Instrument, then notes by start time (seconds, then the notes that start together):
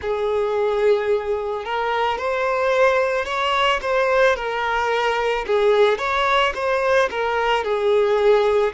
violin
0.01 G#4
1.64 A#4
2.18 C5
3.25 C#5
3.81 C5
4.36 A#4
5.46 G#4
5.98 C#5
6.55 C5
7.10 A#4
7.64 G#4